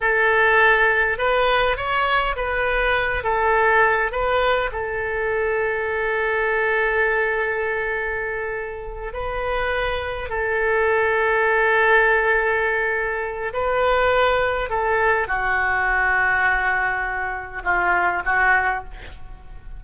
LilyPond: \new Staff \with { instrumentName = "oboe" } { \time 4/4 \tempo 4 = 102 a'2 b'4 cis''4 | b'4. a'4. b'4 | a'1~ | a'2.~ a'8 b'8~ |
b'4. a'2~ a'8~ | a'2. b'4~ | b'4 a'4 fis'2~ | fis'2 f'4 fis'4 | }